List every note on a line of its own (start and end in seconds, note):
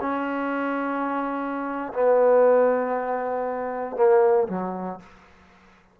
0.00 1.92 C#4
1.93 3.96 B3
3.96 4.47 A#3
4.48 4.99 F#3